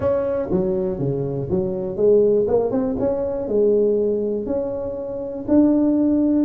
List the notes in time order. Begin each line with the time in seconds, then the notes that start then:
0.00 C#4
0.50 F#3
0.98 C#3
1.50 F#3
1.96 G#3
2.47 A#3
2.71 C4
2.99 C#4
3.48 G#3
4.46 C#4
5.48 D4